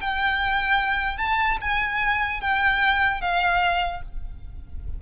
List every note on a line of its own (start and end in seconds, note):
0.00 1.17 G5
1.17 1.57 A5
1.61 2.40 G#5
2.40 3.21 G5
3.21 4.01 F5